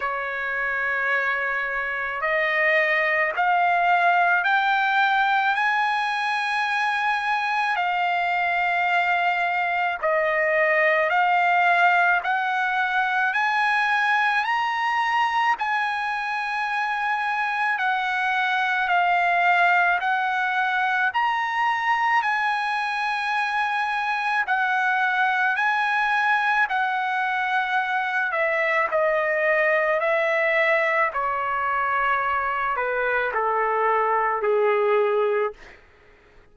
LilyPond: \new Staff \with { instrumentName = "trumpet" } { \time 4/4 \tempo 4 = 54 cis''2 dis''4 f''4 | g''4 gis''2 f''4~ | f''4 dis''4 f''4 fis''4 | gis''4 ais''4 gis''2 |
fis''4 f''4 fis''4 ais''4 | gis''2 fis''4 gis''4 | fis''4. e''8 dis''4 e''4 | cis''4. b'8 a'4 gis'4 | }